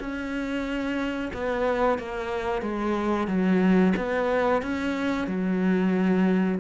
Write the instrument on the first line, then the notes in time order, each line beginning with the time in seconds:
cello
0.00 C#4
1.34 B3
1.99 A#3
2.62 G#3
3.28 F#3
3.97 B3
4.62 C#4
5.27 F#3